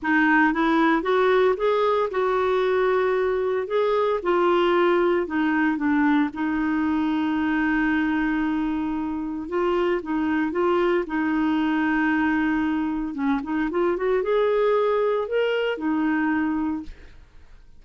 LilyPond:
\new Staff \with { instrumentName = "clarinet" } { \time 4/4 \tempo 4 = 114 dis'4 e'4 fis'4 gis'4 | fis'2. gis'4 | f'2 dis'4 d'4 | dis'1~ |
dis'2 f'4 dis'4 | f'4 dis'2.~ | dis'4 cis'8 dis'8 f'8 fis'8 gis'4~ | gis'4 ais'4 dis'2 | }